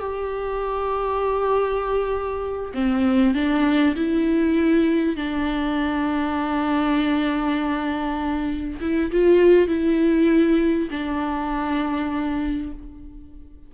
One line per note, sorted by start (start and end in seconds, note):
0.00 2.73 G4
2.74 3.35 C4
3.35 3.95 D4
3.96 5.17 E4
5.17 8.80 D4
8.81 9.12 E4
9.12 9.68 F4
9.68 10.89 E4
10.91 12.72 D4